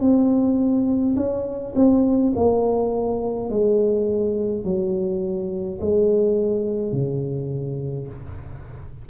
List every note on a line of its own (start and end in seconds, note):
0.00 1.15 C4
1.16 1.74 C#4
1.75 2.33 C4
2.36 3.50 A#3
3.50 4.64 G#3
4.64 5.80 F#3
5.81 6.92 G#3
6.92 8.08 C#3